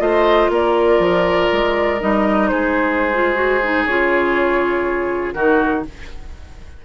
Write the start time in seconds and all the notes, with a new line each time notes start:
0.00 A3 F4 C5 D#5
0.50 A#3 A#4 D5
0.99 F3
1.53 G#3
2.01 G3 D#4 D#5
2.48 G#3 G#4 C5
3.14 F4
3.35 F#4
3.63 D#4
3.86 C#3 F4 C#5
5.33 D#3 D#4 F#4 A#4